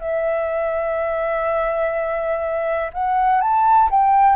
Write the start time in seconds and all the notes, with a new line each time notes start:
0.00 E5
2.93 F#5
3.41 A5
3.90 G5